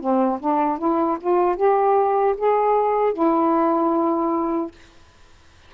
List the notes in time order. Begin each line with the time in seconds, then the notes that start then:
0.00 C4
0.40 D4
0.78 E4
1.21 F4
1.56 G4
2.38 G#4
3.14 E4